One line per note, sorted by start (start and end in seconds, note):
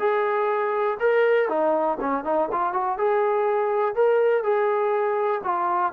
0.00 0.98 G#4
1.00 1.49 A#4
1.49 1.98 D#4
2.01 2.24 C#4
2.24 2.49 D#4
2.52 2.73 F4
2.73 2.98 F#4
2.98 3.96 G#4
3.96 4.44 A#4
4.44 5.42 G#4
5.44 5.93 F4